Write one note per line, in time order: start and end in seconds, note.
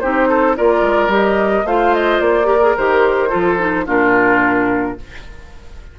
0.00 0.58 C4
0.00 0.56 D#4
0.00 0.28 G4
0.00 0.55 C5
0.28 0.56 A4
0.56 0.82 A#3
0.56 1.09 F4
0.56 1.66 A#4
0.56 1.12 D5
0.82 1.07 G#3
1.07 1.62 G3
1.07 1.64 G4
1.14 1.66 D#5
1.64 2.19 A3
1.64 2.44 F4
1.64 2.47 C5
1.64 1.94 F5
1.94 2.21 D#5
2.20 2.75 A#3
2.20 2.76 D5
2.44 2.57 G4
2.44 3.29 A#4
2.61 2.75 G#4
2.77 3.33 D#3
2.77 3.29 G4
2.77 3.87 C5
3.29 3.87 F3
3.29 3.57 F4
3.29 3.84 A4
3.58 3.86 D#4
3.86 4.97 A#2
3.86 4.96 D4
3.86 4.96 F4
3.86 4.99 A#4